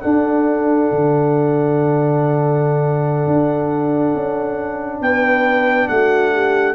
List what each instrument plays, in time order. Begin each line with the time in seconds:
0.00 trombone D4, tuba D4, horn A4, trumpet F#5
0.92 tuba D3
3.27 tuba D4
4.15 tuba C#4
5.01 tuba B3, horn B4, trumpet G5
5.89 tuba A3, horn F#4, trumpet F#5
6.33 horn G4